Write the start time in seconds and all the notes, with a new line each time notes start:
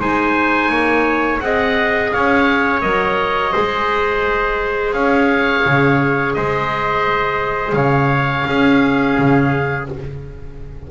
0.00 G#3 D#4 C5 G#5
0.69 A#3 C#5
1.40 C4 G#4 D#5 F#5
2.11 C#4 C#5 F5
2.81 F#3 A#4 D#5
3.52 G#3 G#4 C5
4.93 C#4 C#5 F5
5.66 C#3
6.34 G#3 C5 D#5
7.73 C#3 C#5 F5
8.45 C#4 G#4
9.19 C#3